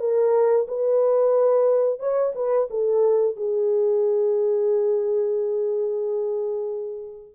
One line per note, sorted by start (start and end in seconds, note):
0.00 0.67 A#4
0.68 2.00 B4
2.00 2.33 C#5
2.35 2.69 B4
2.71 3.37 A4
3.37 7.35 G#4